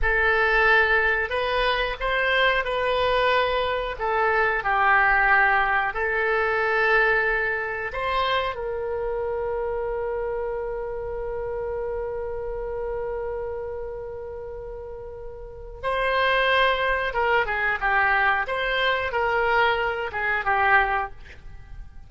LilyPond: \new Staff \with { instrumentName = "oboe" } { \time 4/4 \tempo 4 = 91 a'2 b'4 c''4 | b'2 a'4 g'4~ | g'4 a'2. | c''4 ais'2.~ |
ais'1~ | ais'1 | c''2 ais'8 gis'8 g'4 | c''4 ais'4. gis'8 g'4 | }